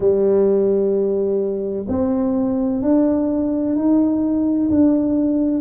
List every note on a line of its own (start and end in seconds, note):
0.00 1.86 G3
1.88 2.81 C4
2.81 3.75 D4
3.75 4.69 D#4
4.70 5.60 D4